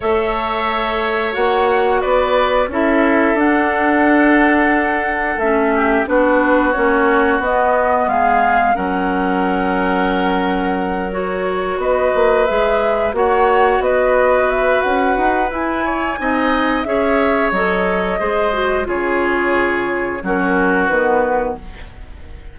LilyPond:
<<
  \new Staff \with { instrumentName = "flute" } { \time 4/4 \tempo 4 = 89 e''2 fis''4 d''4 | e''4 fis''2. | e''4 b'4 cis''4 dis''4 | f''4 fis''2.~ |
fis''8 cis''4 dis''4 e''4 fis''8~ | fis''8 dis''4 e''8 fis''4 gis''4~ | gis''4 e''4 dis''2 | cis''2 ais'4 b'4 | }
  \new Staff \with { instrumentName = "oboe" } { \time 4/4 cis''2. b'4 | a'1~ | a'8 g'8 fis'2. | gis'4 ais'2.~ |
ais'4. b'2 cis''8~ | cis''8 b'2. cis''8 | dis''4 cis''2 c''4 | gis'2 fis'2 | }
  \new Staff \with { instrumentName = "clarinet" } { \time 4/4 a'2 fis'2 | e'4 d'2. | cis'4 d'4 cis'4 b4~ | b4 cis'2.~ |
cis'8 fis'2 gis'4 fis'8~ | fis'2. e'4 | dis'4 gis'4 a'4 gis'8 fis'8 | f'2 cis'4 b4 | }
  \new Staff \with { instrumentName = "bassoon" } { \time 4/4 a2 ais4 b4 | cis'4 d'2. | a4 b4 ais4 b4 | gis4 fis2.~ |
fis4. b8 ais8 gis4 ais8~ | ais8 b4. cis'8 dis'8 e'4 | c'4 cis'4 fis4 gis4 | cis2 fis4 dis4 | }
>>